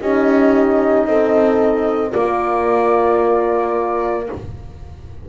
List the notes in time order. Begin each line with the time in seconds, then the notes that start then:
0.00 C#4 D#4 G4 D#5
1.06 C4 A4
2.10 A#3 F4 A#4 D5